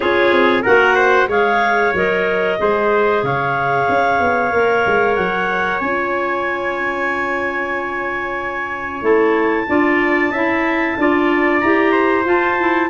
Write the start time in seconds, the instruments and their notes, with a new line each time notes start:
0.00 tuba C#4, clarinet F4 C#5, trumpet G#4
0.31 tuba C4
0.62 tuba A#3, clarinet F#4 F#5, trumpet A#4
0.95 trumpet C5
1.28 tuba G#3, clarinet G#4 F5, trumpet C#5
1.93 tuba F#3, clarinet A#4 D#5
2.58 tuba G#3, clarinet G#4, trumpet C5
3.22 tuba C#3, trumpet C#5, clarinet F5
3.89 tuba C#4
4.20 tuba B3
4.52 tuba A#3, clarinet A#4
4.86 tuba G#3
5.15 tuba F#3, clarinet F#5
5.79 tuba C#4, clarinet F4 G#5
9.02 tuba A3, clarinet E4 A5
9.68 tuba D4, clarinet F4, trumpet D5
10.30 tuba C#4, clarinet E4, trumpet E5
10.98 tuba D4, clarinet F4, trumpet D5
11.59 tuba E4, clarinet G4 A#5
11.92 trumpet C5
12.25 clarinet F4 A5, tuba F4
12.59 clarinet E4